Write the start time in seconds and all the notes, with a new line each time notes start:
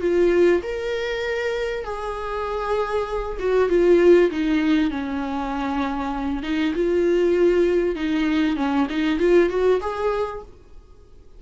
0.00 F4
0.62 A#4
1.84 G#4
3.39 F#4
3.69 F4
4.31 D#4
4.90 C#4
6.43 D#4
6.74 F4
7.95 D#4
8.56 C#4
8.89 D#4
9.19 F4
9.50 F#4
9.80 G#4